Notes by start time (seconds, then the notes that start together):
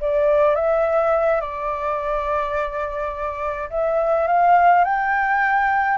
0.00 D5
0.55 E5
1.41 D5
3.70 E5
4.27 F5
4.84 G5